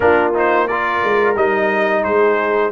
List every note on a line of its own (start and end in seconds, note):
0.00 1.02 A#3
0.00 0.33 D4
0.00 0.65 F4
0.00 0.32 A#4
0.34 0.68 D#4
0.34 0.67 C5
0.65 1.36 F4
0.65 2.02 A#4
0.65 1.35 D5
1.03 1.36 G#3
1.36 2.03 G3
1.36 2.72 D#4
1.36 2.03 D#5
2.03 2.72 G#3
2.03 2.71 G#4
2.03 2.71 C5